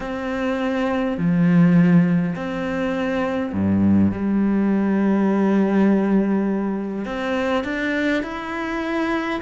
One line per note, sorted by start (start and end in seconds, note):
0.00 1.17 C4
1.17 2.35 F3
2.35 3.52 C4
3.52 4.11 G2
4.11 7.05 G3
7.05 7.64 C4
7.64 8.22 D4
8.22 9.40 E4